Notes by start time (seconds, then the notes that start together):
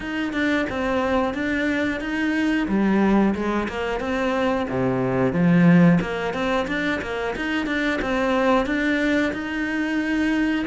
0.00 D#4
0.32 D4
0.69 C4
1.34 D4
2.00 D#4
2.68 G3
3.34 G#3
3.68 A#3
4.00 C4
4.69 C3
5.32 F3
6.00 A#3
6.33 C4
6.67 D4
7.01 A#3
7.36 D#4
7.66 D4
8.01 C4
8.65 D4
9.32 D#4